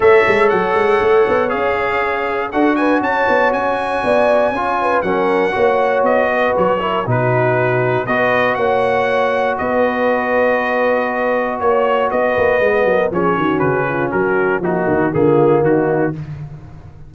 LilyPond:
<<
  \new Staff \with { instrumentName = "trumpet" } { \time 4/4 \tempo 4 = 119 e''4 fis''2 f''4~ | f''4 fis''8 gis''8 a''4 gis''4~ | gis''2 fis''2 | dis''4 cis''4 b'2 |
dis''4 fis''2 dis''4~ | dis''2. cis''4 | dis''2 cis''4 b'4 | ais'4 fis'4 gis'4 fis'4 | }
  \new Staff \with { instrumentName = "horn" } { \time 4/4 cis''1~ | cis''4 a'8 b'8 cis''2 | d''4 cis''8 b'8 ais'4 cis''4~ | cis''8 b'4 ais'8 fis'2 |
b'4 cis''2 b'4~ | b'2. cis''4 | b'4. ais'8 gis'8 fis'4 f'8 | fis'4 ais4 f'4 dis'4 | }
  \new Staff \with { instrumentName = "trombone" } { \time 4/4 a'2. gis'4~ | gis'4 fis'2.~ | fis'4 f'4 cis'4 fis'4~ | fis'4. e'8 dis'2 |
fis'1~ | fis'1~ | fis'4 b4 cis'2~ | cis'4 dis'4 ais2 | }
  \new Staff \with { instrumentName = "tuba" } { \time 4/4 a8 gis8 fis8 gis8 a8 b8 cis'4~ | cis'4 d'4 cis'8 b8 cis'4 | b4 cis'4 fis4 ais4 | b4 fis4 b,2 |
b4 ais2 b4~ | b2. ais4 | b8 ais8 gis8 fis8 f8 dis8 cis4 | fis4 f8 dis8 d4 dis4 | }
>>